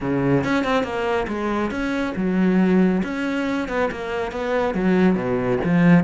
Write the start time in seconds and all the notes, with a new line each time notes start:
0.00 C#3
0.44 C#4
0.64 C4
0.83 A#3
1.27 G#3
1.70 C#4
2.16 F#3
3.03 C#4
3.68 B3
3.91 A#3
4.31 B3
4.74 F#3
5.15 B2
5.64 F3